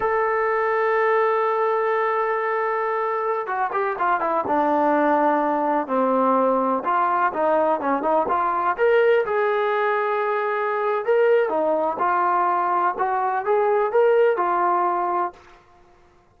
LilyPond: \new Staff \with { instrumentName = "trombone" } { \time 4/4 \tempo 4 = 125 a'1~ | a'2.~ a'16 fis'8 g'16~ | g'16 f'8 e'8 d'2~ d'8.~ | d'16 c'2 f'4 dis'8.~ |
dis'16 cis'8 dis'8 f'4 ais'4 gis'8.~ | gis'2. ais'4 | dis'4 f'2 fis'4 | gis'4 ais'4 f'2 | }